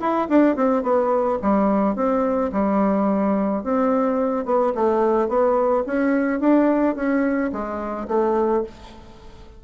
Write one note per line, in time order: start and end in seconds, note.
0.00 0.28 E4
0.29 0.56 D4
0.56 0.83 C4
0.83 1.38 B3
1.42 1.96 G3
1.96 2.51 C4
2.53 3.64 G3
3.64 4.45 C4
4.45 4.73 B3
4.75 5.28 A3
5.28 5.84 B3
5.86 6.40 C#4
6.40 6.95 D4
6.95 7.51 C#4
7.52 8.08 G#3
8.08 8.64 A3